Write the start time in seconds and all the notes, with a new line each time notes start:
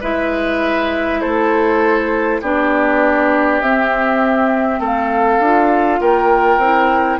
0.00 G#3 E4 B4 E5
1.20 A3 A4 C5
2.41 B3 D4 G4 D5
3.60 C4 E5
4.79 A3 A4 F5
5.39 D4 F4
6.00 A#3 A#4 G5
6.58 C4 E4